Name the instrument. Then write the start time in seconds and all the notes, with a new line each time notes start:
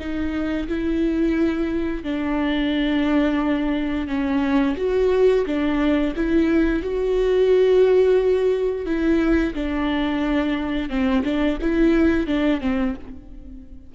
viola
0.00 D#4
0.68 E4
2.04 D4
4.08 C#4
4.78 F#4
5.47 D4
6.16 E4
6.83 F#4
8.86 E4
9.55 D4
10.90 C4
11.25 D4
11.62 E4
12.27 D4
12.61 C4